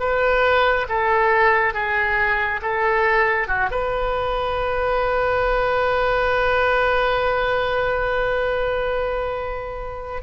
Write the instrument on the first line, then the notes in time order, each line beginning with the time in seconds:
oboe
0.00 B4
0.89 A4
1.74 G#4
2.62 A4
3.48 F#4
3.71 B4